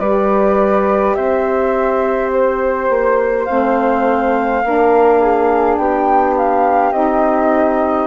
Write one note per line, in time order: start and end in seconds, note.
0.00 1.16 G3
0.00 3.48 G4
0.00 1.16 B4
0.00 1.15 D5
1.15 2.90 C4
1.15 4.64 C5
1.15 2.30 E5
2.33 3.46 C5
2.90 3.47 A#3
3.46 4.64 A3
3.46 4.63 C4
3.46 5.76 F5
4.64 5.78 A#3
4.64 6.94 D4
4.64 5.22 A#4
5.22 5.80 G#4
5.77 6.92 B3
5.77 8.07 G4
5.77 6.35 G5
6.37 6.93 F5
6.92 8.07 C4
6.92 8.07 D#4
6.92 8.07 D#5